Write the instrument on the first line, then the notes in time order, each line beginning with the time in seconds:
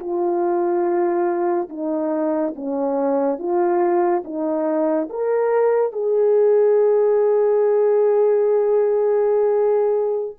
horn
0.00 F4
1.70 D#4
2.56 C#4
3.39 F4
4.25 D#4
5.10 A#4
5.93 G#4